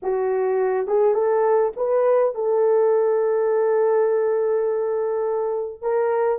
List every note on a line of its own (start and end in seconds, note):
0.02 0.87 F#4
0.87 1.14 G#4
1.14 1.72 A4
1.76 2.34 B4
2.34 5.81 A4
5.81 6.39 A#4